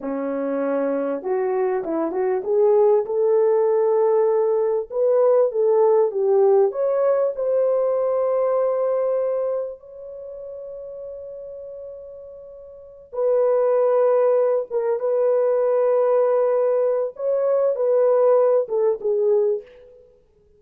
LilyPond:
\new Staff \with { instrumentName = "horn" } { \time 4/4 \tempo 4 = 98 cis'2 fis'4 e'8 fis'8 | gis'4 a'2. | b'4 a'4 g'4 cis''4 | c''1 |
cis''1~ | cis''4. b'2~ b'8 | ais'8 b'2.~ b'8 | cis''4 b'4. a'8 gis'4 | }